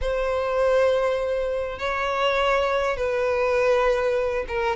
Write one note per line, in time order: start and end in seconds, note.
0.01 1.78 C5
1.78 2.96 C#5
2.96 4.45 B4
4.47 4.76 A#4